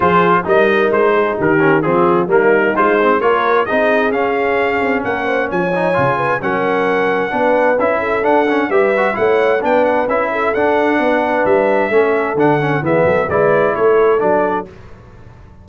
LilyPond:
<<
  \new Staff \with { instrumentName = "trumpet" } { \time 4/4 \tempo 4 = 131 c''4 dis''4 c''4 ais'4 | gis'4 ais'4 c''4 cis''4 | dis''4 f''2 fis''4 | gis''2 fis''2~ |
fis''4 e''4 fis''4 e''4 | fis''4 g''8 fis''8 e''4 fis''4~ | fis''4 e''2 fis''4 | e''4 d''4 cis''4 d''4 | }
  \new Staff \with { instrumentName = "horn" } { \time 4/4 gis'4 ais'4. gis'8 g'4 | f'4 dis'2 ais'4 | gis'2. ais'8 c''8 | cis''4. b'8 ais'2 |
b'4. a'4. b'4 | cis''4 b'4. a'4. | b'2 a'2 | gis'8 a'8 b'4 a'2 | }
  \new Staff \with { instrumentName = "trombone" } { \time 4/4 f'4 dis'2~ dis'8 cis'8 | c'4 ais4 f'8 c'8 f'4 | dis'4 cis'2.~ | cis'8 dis'8 f'4 cis'2 |
d'4 e'4 d'8 cis'8 g'8 fis'8 | e'4 d'4 e'4 d'4~ | d'2 cis'4 d'8 cis'8 | b4 e'2 d'4 | }
  \new Staff \with { instrumentName = "tuba" } { \time 4/4 f4 g4 gis4 dis4 | f4 g4 gis4 ais4 | c'4 cis'4. c'8 ais4 | f4 cis4 fis2 |
b4 cis'4 d'4 g4 | a4 b4 cis'4 d'4 | b4 g4 a4 d4 | e8 fis8 gis4 a4 fis4 | }
>>